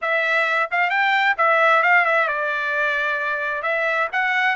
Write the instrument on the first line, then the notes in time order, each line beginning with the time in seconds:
trumpet
0.01 E5
0.71 F5
0.90 G5
1.37 E5
1.82 F5
2.05 E5
2.28 D5
3.62 E5
4.12 F#5